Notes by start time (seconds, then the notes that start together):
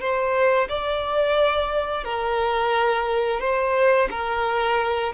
0.00 C5
0.68 D5
2.04 A#4
3.40 C5
4.11 A#4